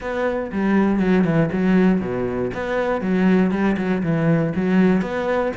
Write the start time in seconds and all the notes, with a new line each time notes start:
0.00 B3
0.52 G3
0.99 F#3
1.24 E3
1.52 F#3
2.01 B2
2.54 B3
3.01 F#3
3.51 G3
3.77 F#3
4.02 E3
4.55 F#3
5.01 B3